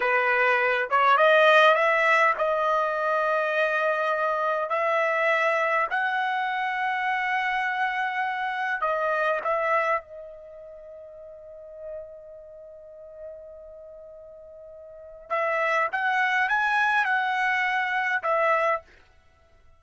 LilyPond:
\new Staff \with { instrumentName = "trumpet" } { \time 4/4 \tempo 4 = 102 b'4. cis''8 dis''4 e''4 | dis''1 | e''2 fis''2~ | fis''2. dis''4 |
e''4 dis''2.~ | dis''1~ | dis''2 e''4 fis''4 | gis''4 fis''2 e''4 | }